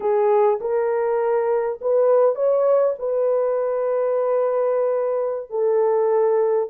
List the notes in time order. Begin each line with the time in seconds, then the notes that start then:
0.00 G#4
0.60 A#4
1.81 B4
2.35 C#5
2.98 B4
5.50 A4